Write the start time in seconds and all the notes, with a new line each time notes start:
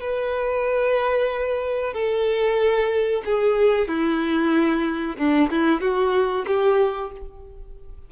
0.00 B4
1.93 A4
3.25 G#4
3.88 E4
5.17 D4
5.50 E4
5.80 F#4
6.47 G4